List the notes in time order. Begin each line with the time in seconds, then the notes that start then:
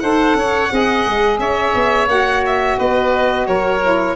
0.00 D#4 A4 C5 F#5
0.35 C#4 C#5
0.71 C4 G#4 D#5
1.06 G#3
1.39 C#4 C#5 E5
1.75 B3
2.08 A#3 F#4 F#5
2.47 E5
2.79 B3 B4 D#5
3.47 F#3 A#4 C#5
3.83 E4